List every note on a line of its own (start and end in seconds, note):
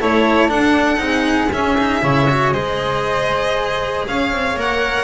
0.00 0.49 A3
0.00 0.49 E4
0.00 1.02 A4
0.00 0.50 C#5
0.49 0.97 D4
0.49 0.98 D4
0.49 1.51 F#5
0.97 1.49 C4
0.97 1.47 D#4
0.97 2.03 G#4
1.52 2.02 C#4
1.52 1.77 C#4
1.52 2.53 E5
1.78 2.02 D#4
2.02 2.52 C#3
2.02 2.27 E4
2.02 2.53 C#5
2.29 2.54 F#4
2.52 4.04 G#3
2.52 4.56 G#4
2.52 4.06 C5
2.52 4.05 D#5
4.07 4.32 C#4
4.07 5.03 C#5
4.07 4.58 F5
4.32 4.55 C4
4.55 5.03 A#3
4.55 5.03 A#4
4.55 5.03 F#5